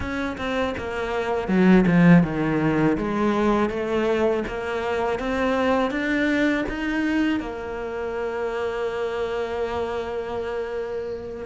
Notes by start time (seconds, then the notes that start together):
0.00 C#4
0.37 C4
0.77 A#3
1.47 F#3
1.87 F3
2.23 D#3
2.97 G#3
3.69 A3
4.47 A#3
5.19 C4
5.91 D4
6.68 D#4
7.39 A#3